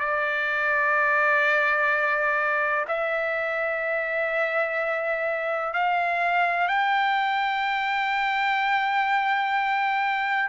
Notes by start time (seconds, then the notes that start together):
0.00 D5
2.88 E5
5.73 F5
6.68 G5